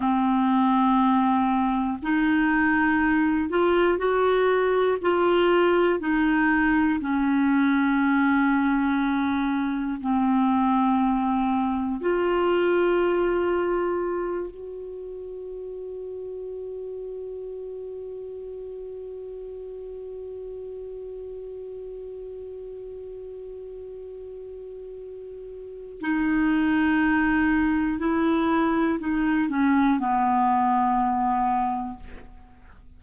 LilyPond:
\new Staff \with { instrumentName = "clarinet" } { \time 4/4 \tempo 4 = 60 c'2 dis'4. f'8 | fis'4 f'4 dis'4 cis'4~ | cis'2 c'2 | f'2~ f'8 fis'4.~ |
fis'1~ | fis'1~ | fis'2 dis'2 | e'4 dis'8 cis'8 b2 | }